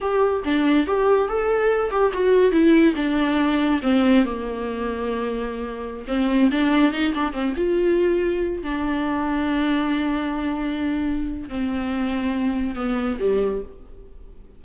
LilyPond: \new Staff \with { instrumentName = "viola" } { \time 4/4 \tempo 4 = 141 g'4 d'4 g'4 a'4~ | a'8 g'8 fis'4 e'4 d'4~ | d'4 c'4 ais2~ | ais2~ ais16 c'4 d'8.~ |
d'16 dis'8 d'8 c'8 f'2~ f'16~ | f'16 d'2.~ d'8.~ | d'2. c'4~ | c'2 b4 g4 | }